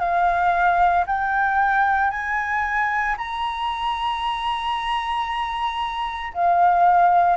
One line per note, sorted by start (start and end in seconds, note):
0.00 1.05 F5
1.07 2.11 G5
2.11 3.16 G#5
3.18 6.33 A#5
6.34 7.37 F5